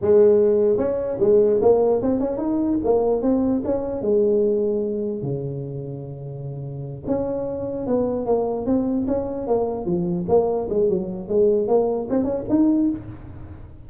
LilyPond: \new Staff \with { instrumentName = "tuba" } { \time 4/4 \tempo 4 = 149 gis2 cis'4 gis4 | ais4 c'8 cis'8 dis'4 ais4 | c'4 cis'4 gis2~ | gis4 cis2.~ |
cis4. cis'2 b8~ | b8 ais4 c'4 cis'4 ais8~ | ais8 f4 ais4 gis8 fis4 | gis4 ais4 c'8 cis'8 dis'4 | }